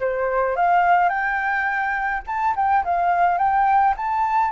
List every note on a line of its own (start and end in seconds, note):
0.00 0.56 C5
0.56 1.09 F5
1.09 2.23 G5
2.27 2.55 A5
2.56 2.84 G5
2.84 3.38 F5
3.38 3.94 G5
3.97 4.51 A5